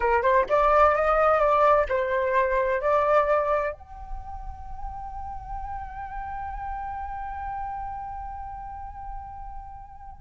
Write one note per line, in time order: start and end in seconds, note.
0.00 0.22 A#4
0.22 0.45 C5
0.49 0.95 D5
0.95 1.39 D#5
1.39 1.86 D5
1.88 2.81 C5
2.81 3.72 D5
3.72 10.21 G5